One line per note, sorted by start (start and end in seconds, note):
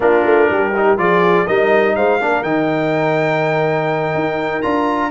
0.00 0.24 A#3
0.00 0.72 D4
0.00 0.50 F4
0.00 0.98 A#4
0.24 0.48 A3
0.49 0.98 G3
0.49 0.99 G4
0.76 0.97 D#4
0.97 1.46 F3
0.97 1.46 F4
0.97 1.46 G#4
0.97 1.47 D5
1.46 1.96 G3
1.46 2.20 D#4
1.46 1.95 A#4
1.46 1.95 D#5
1.95 2.20 G#3
1.95 2.20 C5
1.95 2.43 F5
2.20 2.42 A#3
2.20 2.44 D4
2.20 5.10 A#4
2.42 4.13 D#3
2.42 4.62 D#4
2.42 4.62 G5
4.14 4.63 D#4
4.62 5.10 D4
4.62 5.10 F4
4.62 5.10 A#5